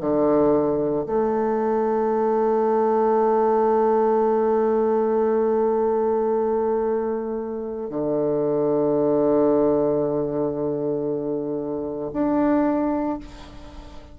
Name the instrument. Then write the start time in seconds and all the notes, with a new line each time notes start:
bassoon
0.00 D3
1.06 A3
7.90 D3
12.13 D4